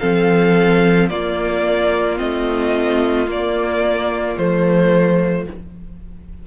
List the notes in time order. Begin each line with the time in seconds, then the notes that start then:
0.00 F3 C4 A4 F5
1.09 A#3 F4 D5
2.17 A3 C4 D#5
3.27 A#3 D5
4.38 F3 A3 C5